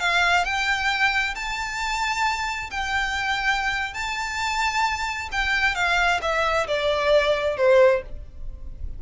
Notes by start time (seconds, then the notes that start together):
0.00 F5
0.44 G5
1.35 A5
2.71 G5
3.94 A5
5.32 G5
5.75 F5
6.22 E5
6.68 D5
7.57 C5